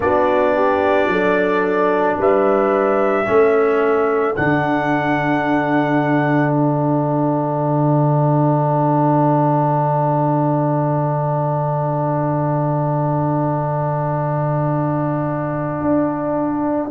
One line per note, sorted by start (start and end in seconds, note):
0.00 1.07 B3
0.00 3.25 D4
0.00 0.55 F#4
0.00 2.19 D5
0.55 1.09 G4
1.07 2.16 F#3
1.07 2.18 A4
2.17 3.27 G3
2.17 3.27 B4
2.17 4.36 E5
3.25 4.37 A3
3.25 4.34 C#4
3.25 16.90 A4
4.36 15.80 D3
4.36 16.90 D4
4.36 6.52 F#5
6.52 16.89 F5
15.80 16.90 D4